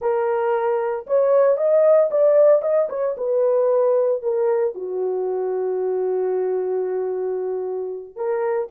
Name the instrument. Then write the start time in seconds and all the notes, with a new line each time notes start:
horn
0.01 A#4
1.06 C#5
1.57 D#5
2.11 D5
2.62 D#5
2.89 C#5
3.17 B4
4.22 A#4
4.74 F#4
8.16 A#4